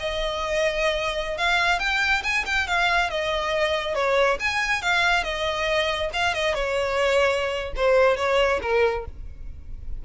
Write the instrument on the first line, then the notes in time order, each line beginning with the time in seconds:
violin
0.00 D#5
1.38 F5
1.80 G5
2.24 G#5
2.46 G5
2.68 F5
3.10 D#5
3.95 C#5
4.40 G#5
4.82 F5
5.24 D#5
6.13 F5
6.34 D#5
6.55 C#5
7.76 C5
8.17 C#5
8.62 A#4